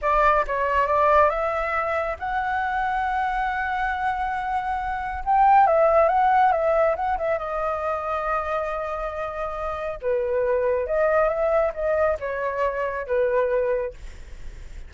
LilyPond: \new Staff \with { instrumentName = "flute" } { \time 4/4 \tempo 4 = 138 d''4 cis''4 d''4 e''4~ | e''4 fis''2.~ | fis''1 | g''4 e''4 fis''4 e''4 |
fis''8 e''8 dis''2.~ | dis''2. b'4~ | b'4 dis''4 e''4 dis''4 | cis''2 b'2 | }